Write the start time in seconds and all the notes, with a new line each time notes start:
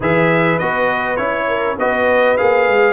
0.00 E3 G#4 B4 E5
0.58 B3 F#4 D#5
1.16 C#4 E4 C#5
1.48 A#4
1.78 B3 F#4 B4 D#5
2.37 A#3 G#4 F5
2.67 G#3